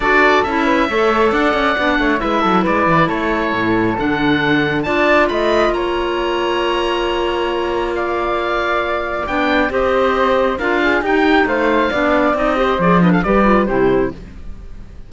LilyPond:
<<
  \new Staff \with { instrumentName = "oboe" } { \time 4/4 \tempo 4 = 136 d''4 e''2 fis''4~ | fis''4 e''4 d''4 cis''4~ | cis''4 fis''2 a''4 | b''4 ais''2.~ |
ais''2 f''2~ | f''4 g''4 dis''2 | f''4 g''4 f''2 | dis''4 d''8 dis''16 f''16 d''4 c''4 | }
  \new Staff \with { instrumentName = "flute" } { \time 4/4 a'4. b'8 cis''4 d''4~ | d''8 cis''8 b'8 a'8 b'4 a'4~ | a'2. d''4 | dis''4 cis''2.~ |
cis''2 d''2~ | d''2 c''2 | ais'8 gis'8 g'4 c''4 d''4~ | d''8 c''4 b'16 a'16 b'4 g'4 | }
  \new Staff \with { instrumentName = "clarinet" } { \time 4/4 fis'4 e'4 a'2 | d'4 e'2.~ | e'4 d'2 f'4~ | f'1~ |
f'1~ | f'4 d'4 g'2 | f'4 dis'2 d'4 | dis'8 g'8 gis'8 d'8 g'8 f'8 e'4 | }
  \new Staff \with { instrumentName = "cello" } { \time 4/4 d'4 cis'4 a4 d'8 cis'8 | b8 a8 gis8 fis8 gis8 e8 a4 | a,4 d2 d'4 | a4 ais2.~ |
ais1~ | ais4 b4 c'2 | d'4 dis'4 a4 b4 | c'4 f4 g4 c4 | }
>>